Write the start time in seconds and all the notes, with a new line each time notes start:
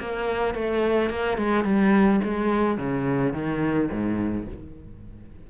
0.00 A#3
0.55 A3
1.10 A#3
1.38 G#3
1.65 G3
2.24 G#3
2.78 C#3
3.33 D#3
3.91 G#2